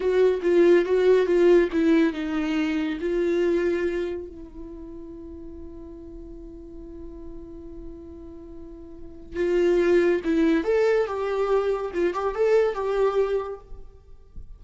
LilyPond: \new Staff \with { instrumentName = "viola" } { \time 4/4 \tempo 4 = 141 fis'4 f'4 fis'4 f'4 | e'4 dis'2 f'4~ | f'2 e'2~ | e'1~ |
e'1~ | e'2 f'2 | e'4 a'4 g'2 | f'8 g'8 a'4 g'2 | }